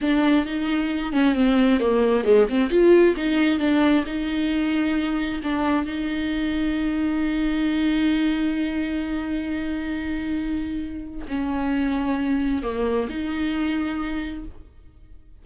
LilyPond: \new Staff \with { instrumentName = "viola" } { \time 4/4 \tempo 4 = 133 d'4 dis'4. cis'8 c'4 | ais4 gis8 c'8 f'4 dis'4 | d'4 dis'2. | d'4 dis'2.~ |
dis'1~ | dis'1~ | dis'4 cis'2. | ais4 dis'2. | }